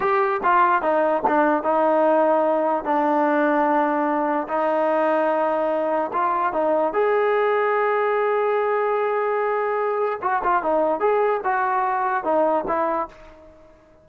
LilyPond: \new Staff \with { instrumentName = "trombone" } { \time 4/4 \tempo 4 = 147 g'4 f'4 dis'4 d'4 | dis'2. d'4~ | d'2. dis'4~ | dis'2. f'4 |
dis'4 gis'2.~ | gis'1~ | gis'4 fis'8 f'8 dis'4 gis'4 | fis'2 dis'4 e'4 | }